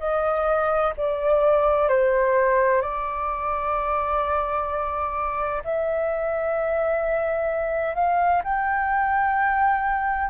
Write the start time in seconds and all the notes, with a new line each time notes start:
0.00 D#5
0.97 D5
1.89 C5
2.82 D5
5.65 E5
7.96 F5
8.44 G5